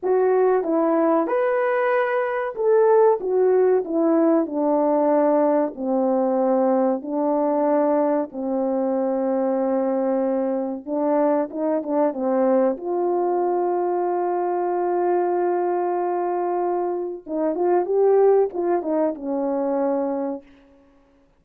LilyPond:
\new Staff \with { instrumentName = "horn" } { \time 4/4 \tempo 4 = 94 fis'4 e'4 b'2 | a'4 fis'4 e'4 d'4~ | d'4 c'2 d'4~ | d'4 c'2.~ |
c'4 d'4 dis'8 d'8 c'4 | f'1~ | f'2. dis'8 f'8 | g'4 f'8 dis'8 cis'2 | }